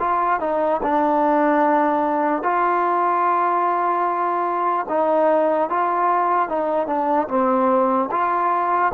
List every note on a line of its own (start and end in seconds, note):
0.00 0.40 F4
0.40 0.81 D#4
0.83 2.43 D4
2.43 4.86 F4
4.89 5.70 D#4
5.70 6.49 F4
6.49 6.87 D#4
6.87 7.28 D4
7.28 8.09 C4
8.11 8.92 F4